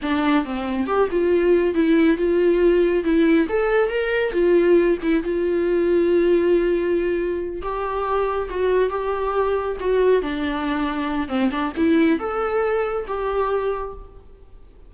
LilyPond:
\new Staff \with { instrumentName = "viola" } { \time 4/4 \tempo 4 = 138 d'4 c'4 g'8 f'4. | e'4 f'2 e'4 | a'4 ais'4 f'4. e'8 | f'1~ |
f'4. g'2 fis'8~ | fis'8 g'2 fis'4 d'8~ | d'2 c'8 d'8 e'4 | a'2 g'2 | }